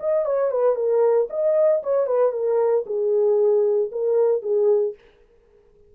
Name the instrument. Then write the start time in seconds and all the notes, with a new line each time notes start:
horn
0.00 D#5
0.26 C#5
0.51 B4
0.76 A#4
1.30 D#5
1.83 C#5
2.07 B4
2.33 A#4
2.86 G#4
3.92 A#4
4.43 G#4